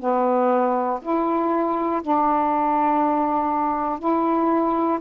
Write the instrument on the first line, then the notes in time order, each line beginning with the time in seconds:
saxophone
0.00 B3
1.02 E4
2.02 D4
4.00 E4